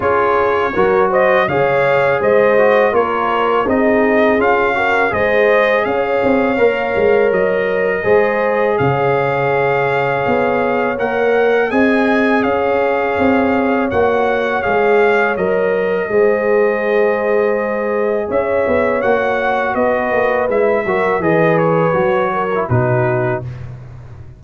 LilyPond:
<<
  \new Staff \with { instrumentName = "trumpet" } { \time 4/4 \tempo 4 = 82 cis''4. dis''8 f''4 dis''4 | cis''4 dis''4 f''4 dis''4 | f''2 dis''2 | f''2. fis''4 |
gis''4 f''2 fis''4 | f''4 dis''2.~ | dis''4 e''4 fis''4 dis''4 | e''4 dis''8 cis''4. b'4 | }
  \new Staff \with { instrumentName = "horn" } { \time 4/4 gis'4 ais'8 c''8 cis''4 c''4 | ais'4 gis'4. ais'8 c''4 | cis''2. c''4 | cis''1 |
dis''4 cis''2.~ | cis''2 c''2~ | c''4 cis''2 b'4~ | b'8 ais'8 b'4. ais'8 fis'4 | }
  \new Staff \with { instrumentName = "trombone" } { \time 4/4 f'4 fis'4 gis'4. fis'8 | f'4 dis'4 f'8 fis'8 gis'4~ | gis'4 ais'2 gis'4~ | gis'2. ais'4 |
gis'2. fis'4 | gis'4 ais'4 gis'2~ | gis'2 fis'2 | e'8 fis'8 gis'4 fis'8. e'16 dis'4 | }
  \new Staff \with { instrumentName = "tuba" } { \time 4/4 cis'4 fis4 cis4 gis4 | ais4 c'4 cis'4 gis4 | cis'8 c'8 ais8 gis8 fis4 gis4 | cis2 b4 ais4 |
c'4 cis'4 c'4 ais4 | gis4 fis4 gis2~ | gis4 cis'8 b8 ais4 b8 ais8 | gis8 fis8 e4 fis4 b,4 | }
>>